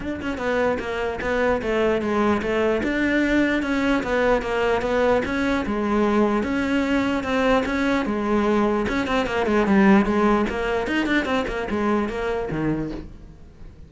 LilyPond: \new Staff \with { instrumentName = "cello" } { \time 4/4 \tempo 4 = 149 d'8 cis'8 b4 ais4 b4 | a4 gis4 a4 d'4~ | d'4 cis'4 b4 ais4 | b4 cis'4 gis2 |
cis'2 c'4 cis'4 | gis2 cis'8 c'8 ais8 gis8 | g4 gis4 ais4 dis'8 d'8 | c'8 ais8 gis4 ais4 dis4 | }